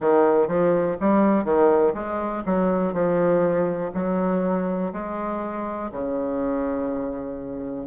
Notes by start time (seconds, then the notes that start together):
0.00 D#3
0.47 F3
1.00 G3
1.44 D#3
1.94 G#3
2.45 F#3
2.92 F3
3.93 F#3
4.92 G#3
5.92 C#3